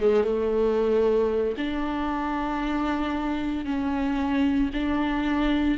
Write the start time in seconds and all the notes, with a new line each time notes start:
0.00 G#3
0.24 A3
1.58 D4
3.65 C#4
4.74 D4